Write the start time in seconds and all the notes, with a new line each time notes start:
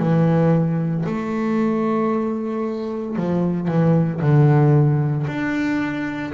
0.00 E3
1.06 A3
3.16 F3
3.68 E3
4.22 D3
5.27 D4